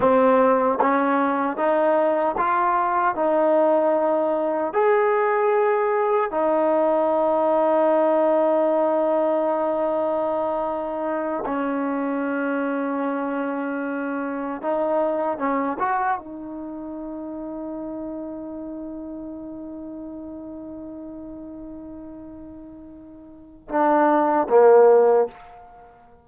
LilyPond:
\new Staff \with { instrumentName = "trombone" } { \time 4/4 \tempo 4 = 76 c'4 cis'4 dis'4 f'4 | dis'2 gis'2 | dis'1~ | dis'2~ dis'8 cis'4.~ |
cis'2~ cis'8 dis'4 cis'8 | fis'8 dis'2.~ dis'8~ | dis'1~ | dis'2 d'4 ais4 | }